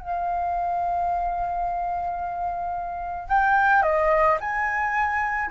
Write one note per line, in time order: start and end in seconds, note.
0.00 3.29 F5
3.29 3.83 G5
3.83 4.38 D#5
4.41 5.51 G#5